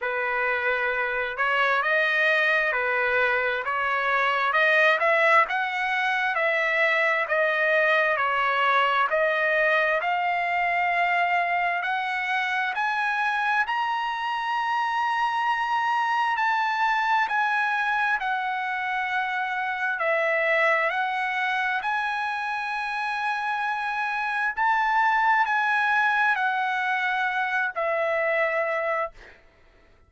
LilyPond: \new Staff \with { instrumentName = "trumpet" } { \time 4/4 \tempo 4 = 66 b'4. cis''8 dis''4 b'4 | cis''4 dis''8 e''8 fis''4 e''4 | dis''4 cis''4 dis''4 f''4~ | f''4 fis''4 gis''4 ais''4~ |
ais''2 a''4 gis''4 | fis''2 e''4 fis''4 | gis''2. a''4 | gis''4 fis''4. e''4. | }